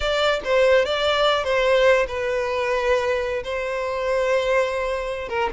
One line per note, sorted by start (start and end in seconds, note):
0.00 0.40 D5
0.44 0.85 C5
0.85 1.44 D5
1.44 2.06 C5
2.07 3.43 B4
3.43 5.29 C5
5.29 5.49 A#4